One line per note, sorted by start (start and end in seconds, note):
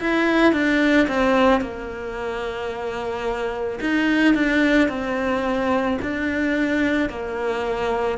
0.00 0.53 E4
0.53 1.07 D4
1.08 1.61 C4
1.61 3.79 A#3
3.81 4.34 D#4
4.34 4.88 D4
4.88 5.98 C4
6.02 7.09 D4
7.09 8.18 A#3